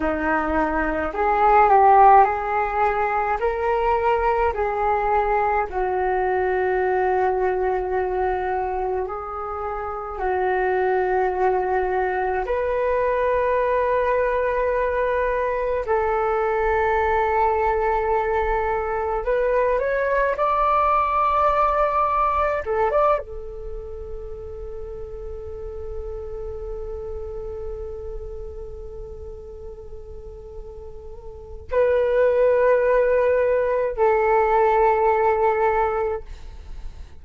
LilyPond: \new Staff \with { instrumentName = "flute" } { \time 4/4 \tempo 4 = 53 dis'4 gis'8 g'8 gis'4 ais'4 | gis'4 fis'2. | gis'4 fis'2 b'4~ | b'2 a'2~ |
a'4 b'8 cis''8 d''2 | a'16 d''16 a'2.~ a'8~ | a'1 | b'2 a'2 | }